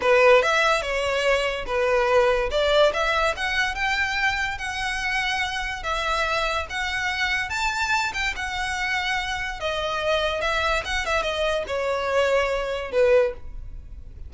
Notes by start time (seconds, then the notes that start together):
0.01 B4
0.42 E5
0.81 C#5
1.66 B4
2.51 D5
2.93 E5
3.36 F#5
3.74 G5
4.58 F#5
5.83 E5
6.69 F#5
7.49 A5
8.13 G5
8.36 F#5
9.59 D#5
10.41 E5
10.84 F#5
11.05 E5
11.22 D#5
11.67 C#5
12.91 B4